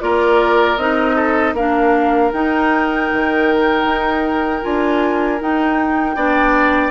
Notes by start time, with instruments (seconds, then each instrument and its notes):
0.00 bassoon A#3, clarinet F4, oboe A#4, flute D5
0.77 bassoon C4, clarinet D#4, flute D#5
1.15 oboe A4
1.53 bassoon A#3, clarinet D4, oboe A#4, flute F5
2.32 clarinet D#4, bassoon D#4, flute G5
3.13 bassoon D#3
3.84 bassoon D#4
4.62 bassoon D4, clarinet F4, flute G#5
5.39 clarinet D#4, bassoon D#4, flute G5
6.16 bassoon B3, clarinet D4, oboe D5